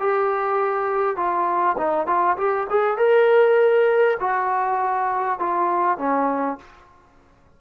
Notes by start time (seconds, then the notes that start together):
0.00 G4
1.17 F4
1.78 D#4
2.07 F4
2.38 G4
2.70 G#4
2.98 A#4
4.20 F#4
5.39 F4
5.98 C#4